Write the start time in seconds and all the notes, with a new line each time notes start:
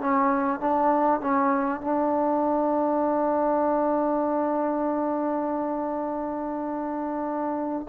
0.00 C#4
0.60 D4
1.20 C#4
1.81 D4